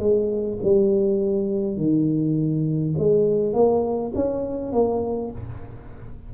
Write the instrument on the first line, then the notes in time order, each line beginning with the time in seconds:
tuba
0.00 G#3
0.64 G3
1.78 D#3
2.99 G#3
3.54 A#3
4.16 C#4
4.73 A#3